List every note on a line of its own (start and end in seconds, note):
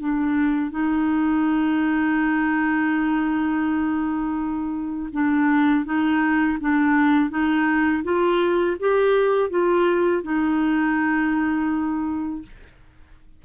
0.00 0.71 D4
0.71 5.10 D#4
5.13 5.85 D4
5.85 6.59 D#4
6.61 7.30 D4
7.30 8.04 D#4
8.04 8.77 F4
8.80 9.51 G4
9.51 10.23 F4
10.23 12.43 D#4